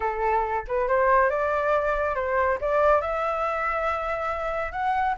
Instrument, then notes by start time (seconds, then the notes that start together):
flute
0.00 A4
0.67 B4
0.88 C5
1.30 D5
2.15 C5
2.60 D5
3.01 E5
4.72 F#5